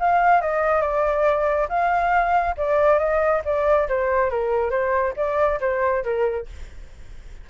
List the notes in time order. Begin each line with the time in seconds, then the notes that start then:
0.00 F5
0.41 D#5
0.82 D5
1.69 F5
2.57 D5
2.99 D#5
3.45 D5
3.89 C5
4.30 A#4
4.71 C5
5.17 D5
5.61 C5
6.04 A#4